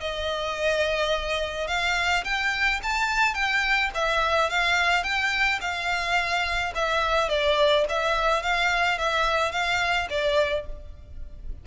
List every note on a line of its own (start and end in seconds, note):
0.00 1.67 D#5
1.67 2.23 F5
2.24 2.80 G5
2.83 3.34 A5
3.34 3.90 G5
3.94 4.49 E5
4.49 5.03 F5
5.03 5.59 G5
5.61 6.73 F5
6.75 7.29 E5
7.29 7.85 D5
7.89 8.42 E5
8.42 8.98 F5
8.98 9.51 E5
9.51 10.08 F5
10.09 10.65 D5